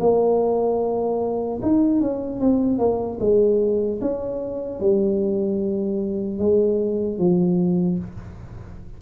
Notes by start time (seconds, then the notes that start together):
0.00 A#3
1.62 D#4
2.01 C#4
2.40 C4
2.79 A#3
3.20 G#3
4.01 C#4
4.80 G3
6.39 G#3
7.18 F3